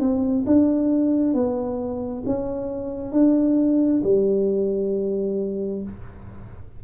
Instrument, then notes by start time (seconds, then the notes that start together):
tuba
0.00 C4
0.46 D4
1.34 B3
2.26 C#4
3.12 D4
4.04 G3